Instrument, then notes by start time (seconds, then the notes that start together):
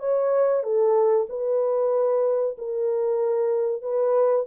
horn
0.00 C#5
0.64 A4
1.30 B4
2.58 A#4
3.82 B4